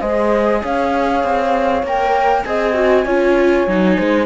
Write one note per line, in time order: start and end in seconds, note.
0.00 0.62 G#3
0.00 1.85 G#4
0.00 0.61 C5
0.00 0.62 D#5
0.62 1.23 C#4
0.62 2.46 C#5
0.62 1.86 F5
1.23 1.83 C4
1.83 2.44 A#3
1.83 2.46 A#4
1.83 2.43 G5
2.43 3.05 C4
2.43 2.74 G#4
2.43 3.05 D#5
2.43 4.26 G#5
2.74 3.04 F#4
3.05 3.67 C#4
3.05 3.68 F4
3.05 3.97 C#5
3.67 3.97 F#3
3.67 4.26 D#4
3.97 4.26 G#3
3.97 4.26 C5